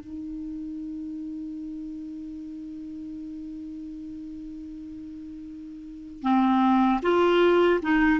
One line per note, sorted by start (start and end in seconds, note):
0.00 6.23 D#4
6.23 7.01 C4
7.02 7.80 F4
7.82 8.20 D#4